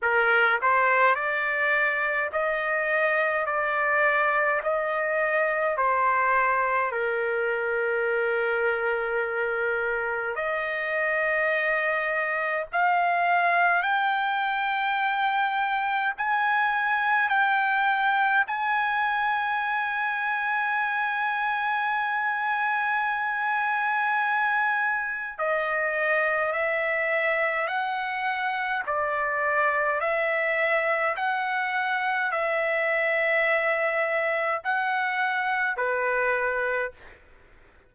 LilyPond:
\new Staff \with { instrumentName = "trumpet" } { \time 4/4 \tempo 4 = 52 ais'8 c''8 d''4 dis''4 d''4 | dis''4 c''4 ais'2~ | ais'4 dis''2 f''4 | g''2 gis''4 g''4 |
gis''1~ | gis''2 dis''4 e''4 | fis''4 d''4 e''4 fis''4 | e''2 fis''4 b'4 | }